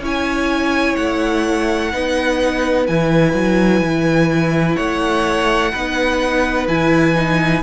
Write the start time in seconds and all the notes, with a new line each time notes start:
0.00 C#4 E4 C#5 G#5
0.96 A3 F#5
1.92 B3 D#4 B4
2.87 E3 E4 G#5
3.33 F#3
3.81 E3
4.76 A3 C#5 F#5
5.72 B3 D#4 B4
6.67 E3 E4 G#5
7.15 D#4